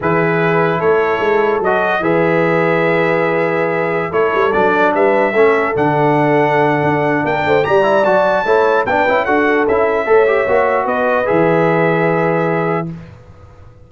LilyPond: <<
  \new Staff \with { instrumentName = "trumpet" } { \time 4/4 \tempo 4 = 149 b'2 cis''2 | dis''4 e''2.~ | e''2~ e''16 cis''4 d''8.~ | d''16 e''2 fis''4.~ fis''16~ |
fis''2 g''4 ais''4 | a''2 g''4 fis''4 | e''2. dis''4 | e''1 | }
  \new Staff \with { instrumentName = "horn" } { \time 4/4 gis'2 a'2~ | a'4 b'2.~ | b'2~ b'16 a'4.~ a'16~ | a'16 b'4 a'2~ a'8.~ |
a'2 ais'8 c''8 d''4~ | d''4 cis''4 b'4 a'4~ | a'4 cis''2 b'4~ | b'1 | }
  \new Staff \with { instrumentName = "trombone" } { \time 4/4 e'1 | fis'4 gis'2.~ | gis'2~ gis'16 e'4 d'8.~ | d'4~ d'16 cis'4 d'4.~ d'16~ |
d'2. g'8 e'8 | fis'4 e'4 d'8 e'8 fis'4 | e'4 a'8 g'8 fis'2 | gis'1 | }
  \new Staff \with { instrumentName = "tuba" } { \time 4/4 e2 a4 gis4 | fis4 e2.~ | e2~ e16 a8 g8 fis8.~ | fis16 g4 a4 d4.~ d16~ |
d4 d'4 ais8 a8 g4 | fis4 a4 b8 cis'8 d'4 | cis'4 a4 ais4 b4 | e1 | }
>>